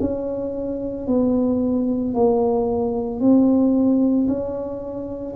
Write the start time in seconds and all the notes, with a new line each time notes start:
0.00 C#4
1.07 B3
2.14 A#3
3.20 C4
4.27 C#4